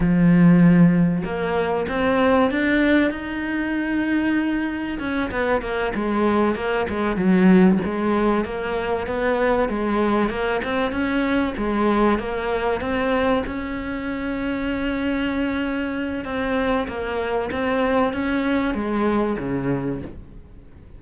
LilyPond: \new Staff \with { instrumentName = "cello" } { \time 4/4 \tempo 4 = 96 f2 ais4 c'4 | d'4 dis'2. | cis'8 b8 ais8 gis4 ais8 gis8 fis8~ | fis8 gis4 ais4 b4 gis8~ |
gis8 ais8 c'8 cis'4 gis4 ais8~ | ais8 c'4 cis'2~ cis'8~ | cis'2 c'4 ais4 | c'4 cis'4 gis4 cis4 | }